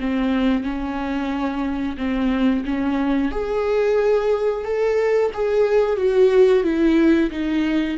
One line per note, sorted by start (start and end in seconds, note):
0.00 0.63 C4
0.63 1.96 C#4
1.97 2.64 C4
2.65 3.31 C#4
3.31 4.64 G#4
4.64 5.31 A4
5.34 5.96 G#4
5.96 6.63 F#4
6.63 7.30 E4
7.30 7.97 D#4